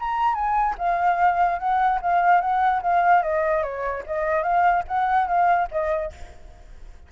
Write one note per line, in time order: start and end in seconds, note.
0.00 0.35 A#5
0.35 0.76 G#5
0.78 1.59 F5
1.59 2.00 F#5
2.02 2.41 F5
2.41 2.82 F#5
2.82 3.23 F5
3.23 3.63 D#5
3.63 4.04 C#5
4.06 4.43 D#5
4.43 4.84 F5
4.88 5.28 F#5
5.28 5.69 F5
5.71 6.12 D#5